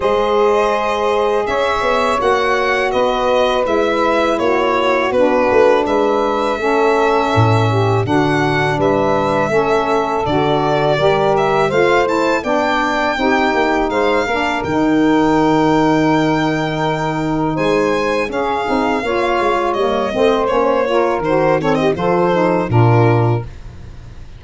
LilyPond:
<<
  \new Staff \with { instrumentName = "violin" } { \time 4/4 \tempo 4 = 82 dis''2 e''4 fis''4 | dis''4 e''4 cis''4 b'4 | e''2. fis''4 | e''2 d''4. e''8 |
f''8 a''8 g''2 f''4 | g''1 | gis''4 f''2 dis''4 | cis''4 c''8 cis''16 dis''16 c''4 ais'4 | }
  \new Staff \with { instrumentName = "saxophone" } { \time 4/4 c''2 cis''2 | b'2 fis'2 | b'4 a'4. g'8 fis'4 | b'4 a'2 ais'4 |
c''4 d''4 g'4 c''8 ais'8~ | ais'1 | c''4 gis'4 cis''4. c''8~ | c''8 ais'4 a'16 g'16 a'4 f'4 | }
  \new Staff \with { instrumentName = "saxophone" } { \time 4/4 gis'2. fis'4~ | fis'4 e'2 d'4~ | d'4 cis'2 d'4~ | d'4 cis'4 fis'4 g'4 |
f'8 e'8 d'4 dis'4. d'8 | dis'1~ | dis'4 cis'8 dis'8 f'4 ais8 c'8 | cis'8 f'8 fis'8 c'8 f'8 dis'8 d'4 | }
  \new Staff \with { instrumentName = "tuba" } { \time 4/4 gis2 cis'8 b8 ais4 | b4 gis4 ais4 b8 a8 | gis4 a4 a,4 d4 | g4 a4 d4 g4 |
a4 b4 c'8 ais8 gis8 ais8 | dis1 | gis4 cis'8 c'8 ais8 gis8 g8 a8 | ais4 dis4 f4 ais,4 | }
>>